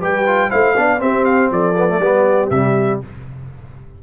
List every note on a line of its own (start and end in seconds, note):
0.00 0.51 G3
0.00 0.25 G4
0.00 0.49 B4
0.00 0.50 G5
0.26 0.50 F4
0.49 0.76 A3
0.49 0.75 E4
0.49 0.74 C5
0.49 1.00 F5
0.76 1.01 B3
0.76 0.99 D4
0.76 1.02 D5
0.99 1.74 C4
0.99 1.51 C4
0.99 1.51 G4
0.99 1.24 E5
1.24 1.49 F5
1.51 1.99 F3
1.51 2.01 A4
1.51 2.50 D5
1.77 1.88 B3
1.88 2.00 A3
1.99 2.49 G3
1.99 2.51 B3
1.99 3.02 G4
2.50 3.00 C3
2.50 3.02 G3
2.50 3.00 E5